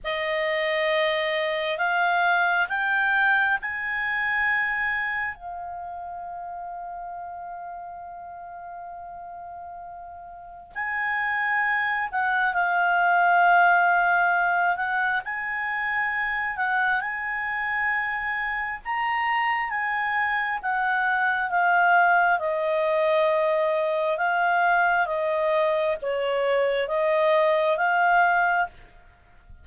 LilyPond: \new Staff \with { instrumentName = "clarinet" } { \time 4/4 \tempo 4 = 67 dis''2 f''4 g''4 | gis''2 f''2~ | f''1 | gis''4. fis''8 f''2~ |
f''8 fis''8 gis''4. fis''8 gis''4~ | gis''4 ais''4 gis''4 fis''4 | f''4 dis''2 f''4 | dis''4 cis''4 dis''4 f''4 | }